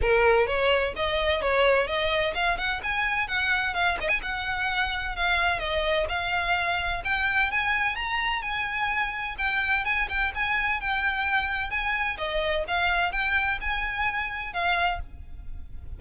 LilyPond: \new Staff \with { instrumentName = "violin" } { \time 4/4 \tempo 4 = 128 ais'4 cis''4 dis''4 cis''4 | dis''4 f''8 fis''8 gis''4 fis''4 | f''8 dis''16 gis''16 fis''2 f''4 | dis''4 f''2 g''4 |
gis''4 ais''4 gis''2 | g''4 gis''8 g''8 gis''4 g''4~ | g''4 gis''4 dis''4 f''4 | g''4 gis''2 f''4 | }